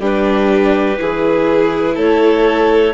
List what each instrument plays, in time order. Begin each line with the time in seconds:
0.00 bassoon G3, viola D4, violin G4, clarinet B4
0.97 bassoon E3, viola E4, violin G#4
1.95 bassoon A3, violin A4, clarinet C#5